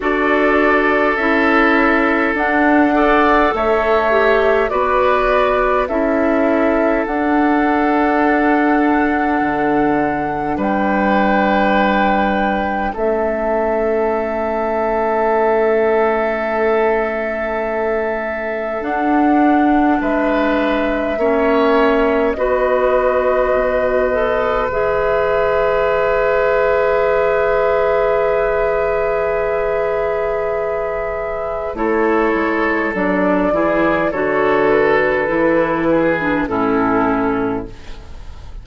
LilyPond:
<<
  \new Staff \with { instrumentName = "flute" } { \time 4/4 \tempo 4 = 51 d''4 e''4 fis''4 e''4 | d''4 e''4 fis''2~ | fis''4 g''2 e''4~ | e''1 |
fis''4 e''2 dis''4~ | dis''4 e''2.~ | e''2. cis''4 | d''4 cis''8 b'4. a'4 | }
  \new Staff \with { instrumentName = "oboe" } { \time 4/4 a'2~ a'8 d''8 cis''4 | b'4 a'2.~ | a'4 b'2 a'4~ | a'1~ |
a'4 b'4 cis''4 b'4~ | b'1~ | b'2. a'4~ | a'8 gis'8 a'4. gis'8 e'4 | }
  \new Staff \with { instrumentName = "clarinet" } { \time 4/4 fis'4 e'4 d'8 a'4 g'8 | fis'4 e'4 d'2~ | d'2. cis'4~ | cis'1 |
d'2 cis'4 fis'4~ | fis'8 a'8 gis'2.~ | gis'2. e'4 | d'8 e'8 fis'4 e'8. d'16 cis'4 | }
  \new Staff \with { instrumentName = "bassoon" } { \time 4/4 d'4 cis'4 d'4 a4 | b4 cis'4 d'2 | d4 g2 a4~ | a1 |
d'4 gis4 ais4 b4 | b,4 e2.~ | e2. a8 gis8 | fis8 e8 d4 e4 a,4 | }
>>